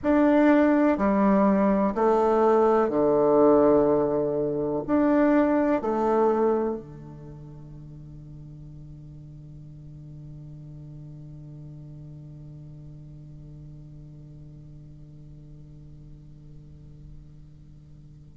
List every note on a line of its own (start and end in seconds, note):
0.03 0.97 D4
0.97 1.94 G3
1.94 2.89 A3
2.89 4.82 D3
4.87 5.81 D4
5.81 6.76 A3
6.76 18.37 D3